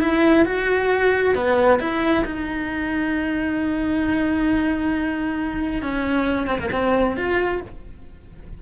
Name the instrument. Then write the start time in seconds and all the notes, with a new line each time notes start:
cello
0.00 E4
0.45 F#4
1.34 B3
1.79 E4
2.24 D#4
5.82 C#4
6.47 C4
6.58 A#3
6.71 C4
7.16 F4